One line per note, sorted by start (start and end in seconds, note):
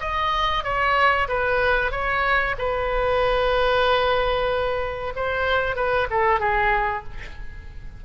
0.00 0.64 D#5
0.64 1.28 C#5
1.28 1.91 B4
1.91 2.55 C#5
2.58 5.13 B4
5.16 5.76 C5
5.76 6.08 B4
6.10 6.40 A4
6.40 7.04 G#4